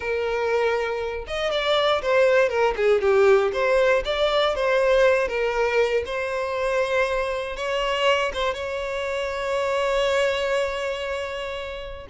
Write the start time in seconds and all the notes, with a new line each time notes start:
0.00 A#4
1.27 D#5
1.51 D5
2.02 C5
2.49 A#4
2.76 G#4
3.01 G4
3.52 C5
4.04 D5
4.55 C5
5.28 A#4
6.05 C5
7.56 C#5
8.33 C5
8.53 C#5